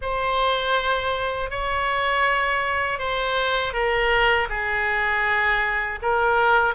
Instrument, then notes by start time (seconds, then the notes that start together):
oboe
0.01 C5
1.50 C#5
2.98 C5
3.73 A#4
4.49 G#4
6.01 A#4